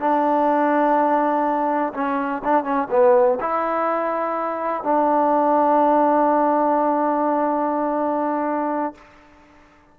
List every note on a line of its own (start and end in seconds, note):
0.00 1.94 D4
1.94 2.43 C#4
2.45 2.64 D4
2.64 2.88 C#4
2.91 3.39 B3
3.41 4.84 E4
4.84 8.95 D4